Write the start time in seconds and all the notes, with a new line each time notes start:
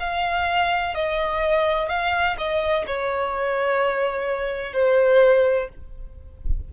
0.00 F5
0.94 D#5
1.89 F5
2.38 D#5
2.87 C#5
4.73 C5